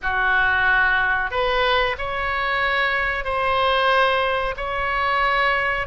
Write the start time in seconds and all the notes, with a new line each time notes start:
0.02 F#4
1.30 B4
1.97 C#5
3.24 C5
4.57 C#5